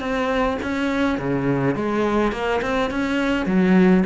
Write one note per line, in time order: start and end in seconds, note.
0.00 0.58 C4
0.62 1.18 C#4
1.18 1.75 C#3
1.75 2.32 G#3
2.32 2.61 A#3
2.62 2.90 C4
2.90 3.46 C#4
3.46 4.04 F#3